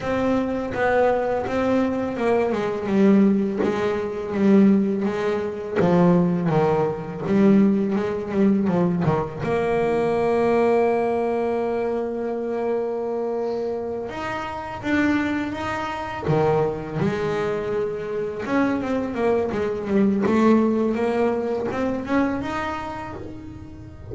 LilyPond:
\new Staff \with { instrumentName = "double bass" } { \time 4/4 \tempo 4 = 83 c'4 b4 c'4 ais8 gis8 | g4 gis4 g4 gis4 | f4 dis4 g4 gis8 g8 | f8 dis8 ais2.~ |
ais2.~ ais8 dis'8~ | dis'8 d'4 dis'4 dis4 gis8~ | gis4. cis'8 c'8 ais8 gis8 g8 | a4 ais4 c'8 cis'8 dis'4 | }